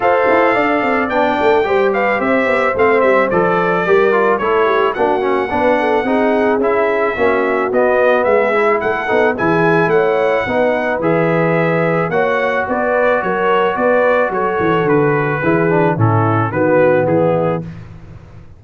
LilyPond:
<<
  \new Staff \with { instrumentName = "trumpet" } { \time 4/4 \tempo 4 = 109 f''2 g''4. f''8 | e''4 f''8 e''8 d''2 | cis''4 fis''2. | e''2 dis''4 e''4 |
fis''4 gis''4 fis''2 | e''2 fis''4 d''4 | cis''4 d''4 cis''4 b'4~ | b'4 a'4 b'4 gis'4 | }
  \new Staff \with { instrumentName = "horn" } { \time 4/4 c''4 d''2 c''8 b'8 | c''2. ais'4 | a'8 g'8 fis'4 b'8 a'8 gis'4~ | gis'4 fis'2 gis'4 |
a'4 gis'4 cis''4 b'4~ | b'2 cis''4 b'4 | ais'4 b'4 a'2 | gis'4 e'4 fis'4 e'4 | }
  \new Staff \with { instrumentName = "trombone" } { \time 4/4 a'2 d'4 g'4~ | g'4 c'4 a'4 g'8 f'8 | e'4 d'8 cis'8 d'4 dis'4 | e'4 cis'4 b4. e'8~ |
e'8 dis'8 e'2 dis'4 | gis'2 fis'2~ | fis'1 | e'8 d'8 cis'4 b2 | }
  \new Staff \with { instrumentName = "tuba" } { \time 4/4 f'8 e'8 d'8 c'8 b8 a8 g4 | c'8 b8 a8 g8 f4 g4 | a4 ais4 b4 c'4 | cis'4 ais4 b4 gis4 |
a8 b8 e4 a4 b4 | e2 ais4 b4 | fis4 b4 fis8 e8 d4 | e4 a,4 dis4 e4 | }
>>